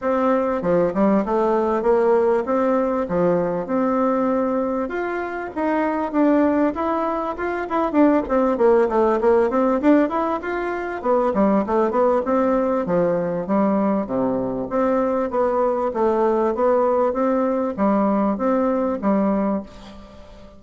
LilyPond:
\new Staff \with { instrumentName = "bassoon" } { \time 4/4 \tempo 4 = 98 c'4 f8 g8 a4 ais4 | c'4 f4 c'2 | f'4 dis'4 d'4 e'4 | f'8 e'8 d'8 c'8 ais8 a8 ais8 c'8 |
d'8 e'8 f'4 b8 g8 a8 b8 | c'4 f4 g4 c4 | c'4 b4 a4 b4 | c'4 g4 c'4 g4 | }